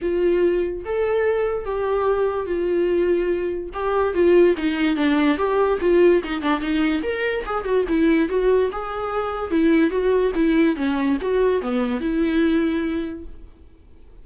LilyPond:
\new Staff \with { instrumentName = "viola" } { \time 4/4 \tempo 4 = 145 f'2 a'2 | g'2 f'2~ | f'4 g'4 f'4 dis'4 | d'4 g'4 f'4 dis'8 d'8 |
dis'4 ais'4 gis'8 fis'8 e'4 | fis'4 gis'2 e'4 | fis'4 e'4 cis'4 fis'4 | b4 e'2. | }